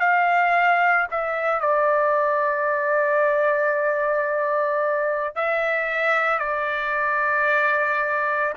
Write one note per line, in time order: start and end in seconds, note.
0.00 1.07 F5
1.11 1.61 E5
1.61 5.36 D5
5.36 6.39 E5
6.39 8.53 D5